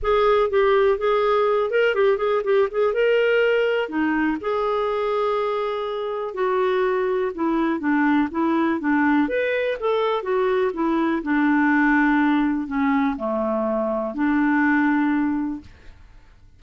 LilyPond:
\new Staff \with { instrumentName = "clarinet" } { \time 4/4 \tempo 4 = 123 gis'4 g'4 gis'4. ais'8 | g'8 gis'8 g'8 gis'8 ais'2 | dis'4 gis'2.~ | gis'4 fis'2 e'4 |
d'4 e'4 d'4 b'4 | a'4 fis'4 e'4 d'4~ | d'2 cis'4 a4~ | a4 d'2. | }